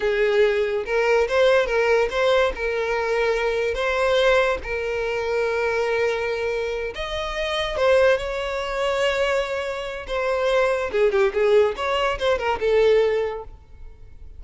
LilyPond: \new Staff \with { instrumentName = "violin" } { \time 4/4 \tempo 4 = 143 gis'2 ais'4 c''4 | ais'4 c''4 ais'2~ | ais'4 c''2 ais'4~ | ais'1~ |
ais'8 dis''2 c''4 cis''8~ | cis''1 | c''2 gis'8 g'8 gis'4 | cis''4 c''8 ais'8 a'2 | }